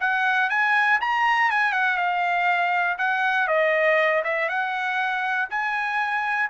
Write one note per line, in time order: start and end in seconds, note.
0.00 0.50 F#5
0.50 1.00 G#5
1.01 1.51 A#5
1.51 1.73 G#5
1.73 1.97 F#5
1.97 2.97 F5
2.98 3.48 F#5
3.48 4.23 D#5
4.24 4.49 E5
4.49 5.49 F#5
5.50 6.50 G#5